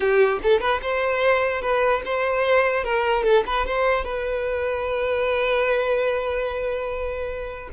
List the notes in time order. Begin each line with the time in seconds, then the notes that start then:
0.00 G4
0.42 A4
0.60 B4
0.81 C5
1.61 B4
2.05 C5
2.84 A#4
3.23 A4
3.46 B4
3.66 C5
4.04 B4